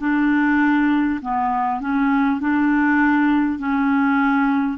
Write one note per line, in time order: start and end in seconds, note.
0.00 1.20 D4
1.22 1.81 B3
1.81 2.41 C#4
2.41 3.59 D4
3.59 4.78 C#4